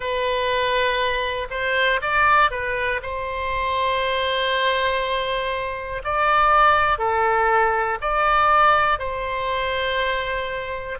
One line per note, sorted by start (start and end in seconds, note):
0.00 1.47 B4
1.50 2.00 C5
2.01 2.50 D5
2.50 3.00 B4
3.02 6.02 C5
6.04 6.98 D5
6.98 7.98 A4
8.00 8.99 D5
8.99 10.99 C5